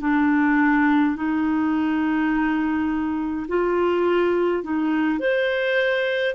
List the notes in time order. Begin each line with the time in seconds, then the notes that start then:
0.00 D4
1.15 D#4
3.48 F4
4.63 D#4
5.19 C5